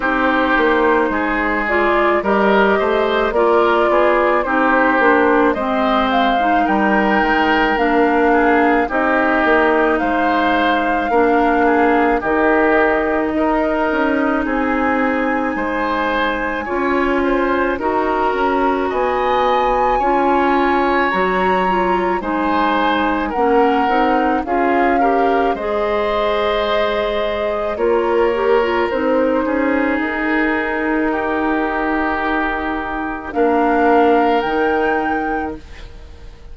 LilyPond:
<<
  \new Staff \with { instrumentName = "flute" } { \time 4/4 \tempo 4 = 54 c''4. d''8 dis''4 d''4 | c''4 dis''8 f''8 g''4 f''4 | dis''4 f''2 dis''4~ | dis''4 gis''2. |
ais''4 gis''2 ais''4 | gis''4 fis''4 f''4 dis''4~ | dis''4 cis''4 c''4 ais'4~ | ais'2 f''4 g''4 | }
  \new Staff \with { instrumentName = "oboe" } { \time 4/4 g'4 gis'4 ais'8 c''8 ais'8 gis'8 | g'4 c''4 ais'4. gis'8 | g'4 c''4 ais'8 gis'8 g'4 | ais'4 gis'4 c''4 cis''8 c''8 |
ais'4 dis''4 cis''2 | c''4 ais'4 gis'8 ais'8 c''4~ | c''4 ais'4. gis'4. | g'2 ais'2 | }
  \new Staff \with { instrumentName = "clarinet" } { \time 4/4 dis'4. f'8 g'4 f'4 | dis'8 d'8 c'8. dis'4~ dis'16 d'4 | dis'2 d'4 dis'4~ | dis'2. f'4 |
fis'2 f'4 fis'8 f'8 | dis'4 cis'8 dis'8 f'8 g'8 gis'4~ | gis'4 f'8 g'16 f'16 dis'2~ | dis'2 d'4 dis'4 | }
  \new Staff \with { instrumentName = "bassoon" } { \time 4/4 c'8 ais8 gis4 g8 a8 ais8 b8 | c'8 ais8 gis4 g8 gis8 ais4 | c'8 ais8 gis4 ais4 dis4 | dis'8 cis'8 c'4 gis4 cis'4 |
dis'8 cis'8 b4 cis'4 fis4 | gis4 ais8 c'8 cis'4 gis4~ | gis4 ais4 c'8 cis'8 dis'4~ | dis'2 ais4 dis4 | }
>>